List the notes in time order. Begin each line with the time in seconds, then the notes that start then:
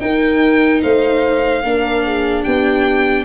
0.00 D#4 A#4 G5
0.82 A3 C5 F5
1.63 A#3 D4 A#4
2.05 G#4
2.43 B3 G4 G5